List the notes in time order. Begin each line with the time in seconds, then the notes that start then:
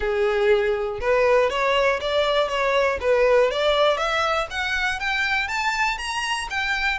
0.00 G#4
1.00 B4
1.50 C#5
2.00 D5
2.48 C#5
3.00 B4
3.50 D5
3.97 E5
4.50 F#5
4.99 G5
5.47 A5
5.97 A#5
6.50 G5